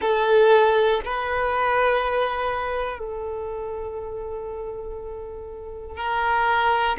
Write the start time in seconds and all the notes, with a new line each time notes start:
0.00 A4
1.05 B4
2.98 A4
5.97 A#4